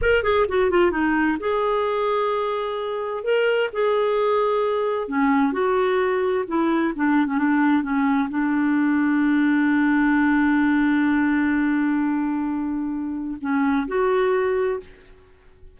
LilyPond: \new Staff \with { instrumentName = "clarinet" } { \time 4/4 \tempo 4 = 130 ais'8 gis'8 fis'8 f'8 dis'4 gis'4~ | gis'2. ais'4 | gis'2. cis'4 | fis'2 e'4 d'8. cis'16 |
d'4 cis'4 d'2~ | d'1~ | d'1~ | d'4 cis'4 fis'2 | }